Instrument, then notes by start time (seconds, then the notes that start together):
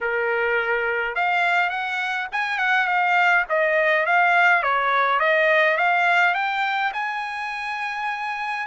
trumpet
0.01 A#4
1.15 F5
1.69 F#5
2.32 G#5
2.58 F#5
2.87 F5
3.49 D#5
4.06 F5
4.62 C#5
5.19 D#5
5.77 F5
6.34 G5
6.93 G#5